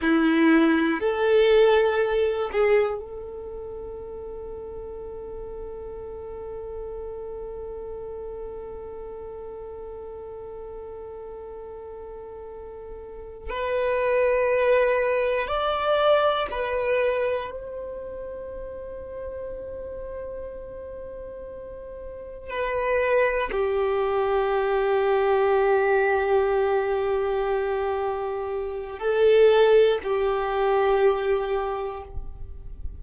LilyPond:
\new Staff \with { instrumentName = "violin" } { \time 4/4 \tempo 4 = 60 e'4 a'4. gis'8 a'4~ | a'1~ | a'1~ | a'4. b'2 d''8~ |
d''8 b'4 c''2~ c''8~ | c''2~ c''8 b'4 g'8~ | g'1~ | g'4 a'4 g'2 | }